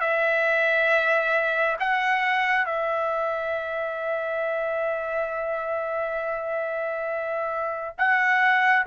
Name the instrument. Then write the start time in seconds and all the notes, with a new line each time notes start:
trumpet
0.00 E5
1.79 F#5
2.66 E5
7.98 F#5